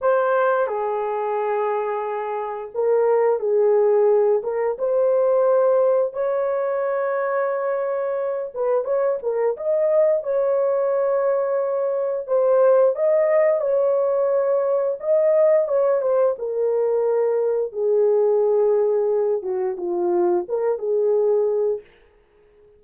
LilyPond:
\new Staff \with { instrumentName = "horn" } { \time 4/4 \tempo 4 = 88 c''4 gis'2. | ais'4 gis'4. ais'8 c''4~ | c''4 cis''2.~ | cis''8 b'8 cis''8 ais'8 dis''4 cis''4~ |
cis''2 c''4 dis''4 | cis''2 dis''4 cis''8 c''8 | ais'2 gis'2~ | gis'8 fis'8 f'4 ais'8 gis'4. | }